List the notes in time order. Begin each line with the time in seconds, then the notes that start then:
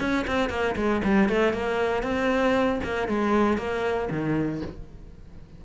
0.00 C#4
0.27 C4
0.50 A#3
0.76 G#3
1.04 G3
1.29 A3
1.53 A#3
2.03 C4
2.83 A#3
3.08 G#3
3.58 A#3
4.10 D#3